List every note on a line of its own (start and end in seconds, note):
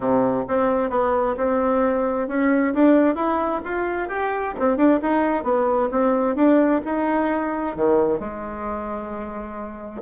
0.00 0.44 C3
0.48 0.90 C4
0.90 1.35 B3
1.37 2.27 C4
2.28 2.73 C#4
2.74 3.15 D4
3.15 3.60 E4
3.64 4.08 F4
4.08 4.53 G4
4.59 4.76 C4
4.76 4.99 D4
5.01 5.43 D#4
5.43 5.89 B3
5.91 6.35 C4
6.35 6.81 D4
6.85 7.75 D#4
7.76 8.19 D#3
8.19 10.01 G#3